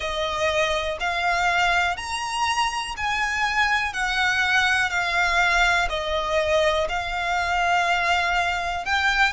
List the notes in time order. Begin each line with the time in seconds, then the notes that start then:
0.00 D#5
1.00 F5
1.96 A#5
2.96 G#5
3.93 F#5
4.90 F5
5.89 D#5
6.89 F5
8.85 G5